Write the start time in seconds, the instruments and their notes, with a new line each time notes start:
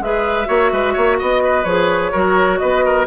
0.00 bassoon G#3, clarinet G#4, oboe B4, flute E5
0.46 bassoon A#3, clarinet F#4, oboe C#5
0.73 bassoon G#3, oboe B4
0.94 bassoon A#3, oboe C#5
1.19 bassoon B3, oboe D#5, flute D#5
1.44 oboe B4
1.64 bassoon F3, clarinet G#4, flute C#5
2.12 bassoon F#3, clarinet F#4, oboe A#4
2.58 bassoon B3, oboe B4, flute D#5
2.85 oboe A#4